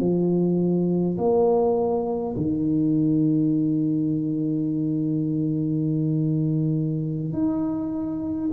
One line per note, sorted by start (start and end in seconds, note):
0.00 1.18 F3
1.18 2.35 A#3
2.37 7.33 D#3
7.33 8.51 D#4